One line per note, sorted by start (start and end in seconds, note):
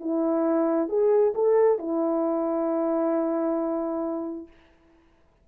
0.00 0.89 E4
0.89 1.34 G#4
1.35 1.79 A4
1.79 4.47 E4